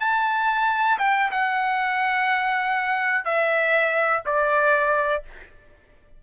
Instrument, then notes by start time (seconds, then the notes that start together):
trumpet
0.00 A5
0.98 G5
1.31 F#5
3.24 E5
4.25 D5